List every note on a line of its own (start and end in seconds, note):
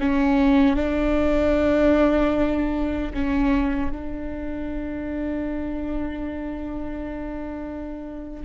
0.00 0.76 C#4
0.76 3.13 D4
3.14 3.92 C#4
3.92 8.45 D4